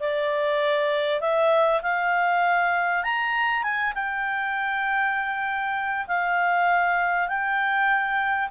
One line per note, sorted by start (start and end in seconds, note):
0.00 1.21 D5
1.21 1.82 E5
1.82 3.04 F5
3.04 3.63 A#5
3.63 3.93 G#5
3.95 6.07 G5
6.07 7.29 F5
7.29 8.50 G5